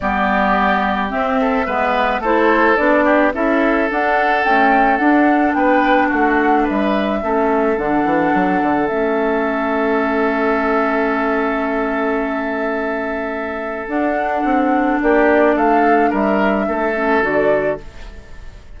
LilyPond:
<<
  \new Staff \with { instrumentName = "flute" } { \time 4/4 \tempo 4 = 108 d''2 e''2 | c''4 d''4 e''4 fis''4 | g''4 fis''4 g''4 fis''4 | e''2 fis''2 |
e''1~ | e''1~ | e''4 fis''2 d''4 | f''4 e''2 d''4 | }
  \new Staff \with { instrumentName = "oboe" } { \time 4/4 g'2~ g'8 a'8 b'4 | a'4. g'8 a'2~ | a'2 b'4 fis'4 | b'4 a'2.~ |
a'1~ | a'1~ | a'2. g'4 | a'4 ais'4 a'2 | }
  \new Staff \with { instrumentName = "clarinet" } { \time 4/4 b2 c'4 b4 | e'4 d'4 e'4 d'4 | a4 d'2.~ | d'4 cis'4 d'2 |
cis'1~ | cis'1~ | cis'4 d'2.~ | d'2~ d'8 cis'8 fis'4 | }
  \new Staff \with { instrumentName = "bassoon" } { \time 4/4 g2 c'4 gis4 | a4 b4 cis'4 d'4 | cis'4 d'4 b4 a4 | g4 a4 d8 e8 fis8 d8 |
a1~ | a1~ | a4 d'4 c'4 ais4 | a4 g4 a4 d4 | }
>>